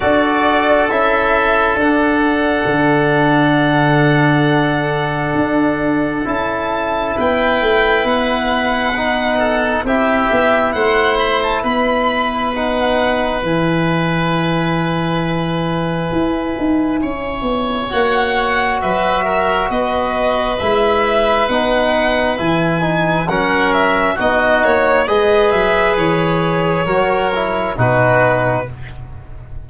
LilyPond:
<<
  \new Staff \with { instrumentName = "violin" } { \time 4/4 \tempo 4 = 67 d''4 e''4 fis''2~ | fis''2. a''4 | g''4 fis''2 e''4 | fis''8 b''16 a''16 b''4 fis''4 gis''4~ |
gis''1 | fis''4 e''4 dis''4 e''4 | fis''4 gis''4 fis''8 e''8 dis''8 cis''8 | dis''8 e''8 cis''2 b'4 | }
  \new Staff \with { instrumentName = "oboe" } { \time 4/4 a'1~ | a'1 | b'2~ b'8 a'8 g'4 | c''4 b'2.~ |
b'2. cis''4~ | cis''4 b'8 ais'8 b'2~ | b'2 ais'4 fis'4 | b'2 ais'4 fis'4 | }
  \new Staff \with { instrumentName = "trombone" } { \time 4/4 fis'4 e'4 d'2~ | d'2. e'4~ | e'2 dis'4 e'4~ | e'2 dis'4 e'4~ |
e'1 | fis'2. e'4 | dis'4 e'8 dis'8 cis'4 dis'4 | gis'2 fis'8 e'8 dis'4 | }
  \new Staff \with { instrumentName = "tuba" } { \time 4/4 d'4 cis'4 d'4 d4~ | d2 d'4 cis'4 | b8 a8 b2 c'8 b8 | a4 b2 e4~ |
e2 e'8 dis'8 cis'8 b8 | ais4 fis4 b4 gis4 | b4 e4 fis4 b8 ais8 | gis8 fis8 e4 fis4 b,4 | }
>>